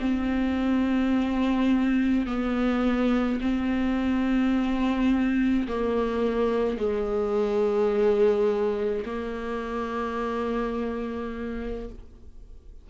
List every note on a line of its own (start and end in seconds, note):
0.00 2.26 C4
2.26 3.40 B3
3.41 5.67 C4
5.68 6.78 A#3
6.78 9.04 G#3
9.06 11.89 A#3